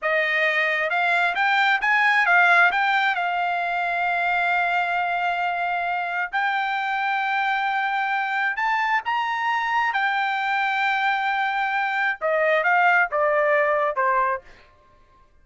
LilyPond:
\new Staff \with { instrumentName = "trumpet" } { \time 4/4 \tempo 4 = 133 dis''2 f''4 g''4 | gis''4 f''4 g''4 f''4~ | f''1~ | f''2 g''2~ |
g''2. a''4 | ais''2 g''2~ | g''2. dis''4 | f''4 d''2 c''4 | }